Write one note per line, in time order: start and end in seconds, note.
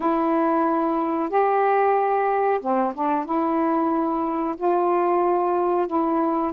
0.00 1.29 E4
1.29 2.60 G4
2.61 2.93 C4
2.94 3.25 D4
3.25 4.55 E4
4.57 5.87 F4
5.87 6.52 E4